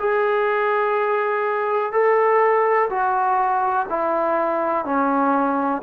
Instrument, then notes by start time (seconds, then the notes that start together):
trombone
0.00 G#4
1.93 A4
2.90 F#4
3.90 E4
4.85 C#4